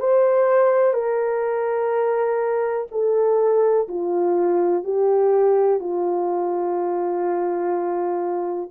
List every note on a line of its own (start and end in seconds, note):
0.00 0.94 C5
0.94 2.87 A#4
2.92 3.88 A4
3.88 4.84 F4
4.84 5.80 G4
5.80 8.71 F4